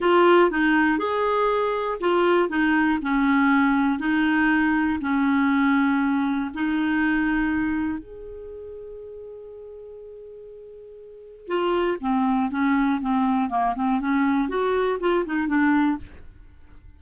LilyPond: \new Staff \with { instrumentName = "clarinet" } { \time 4/4 \tempo 4 = 120 f'4 dis'4 gis'2 | f'4 dis'4 cis'2 | dis'2 cis'2~ | cis'4 dis'2. |
gis'1~ | gis'2. f'4 | c'4 cis'4 c'4 ais8 c'8 | cis'4 fis'4 f'8 dis'8 d'4 | }